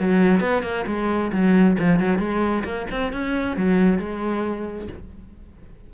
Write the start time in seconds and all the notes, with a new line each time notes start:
0.00 F#3
0.41 B3
0.63 A#3
0.87 G#3
1.33 F#3
1.79 F3
2.00 F#3
2.19 G#3
2.65 A#3
2.91 C4
3.13 C#4
3.57 F#3
3.99 G#3